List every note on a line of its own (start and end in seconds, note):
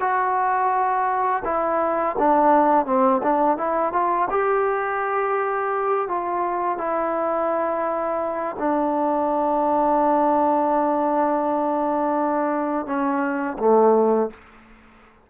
0.00 1.43 F#4
1.44 2.16 E4
2.19 2.86 D4
2.86 3.21 C4
3.23 3.57 D4
3.57 3.92 E4
3.92 4.28 F4
4.30 6.08 G4
6.08 6.78 F4
6.78 8.56 E4
8.59 12.86 D4
12.86 13.57 C#4
13.58 14.30 A3